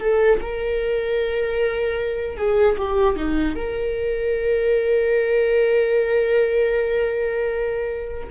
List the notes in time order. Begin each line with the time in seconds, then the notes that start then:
0.00 A4
0.41 A#4
2.37 G#4
2.77 G4
3.16 D#4
3.55 A#4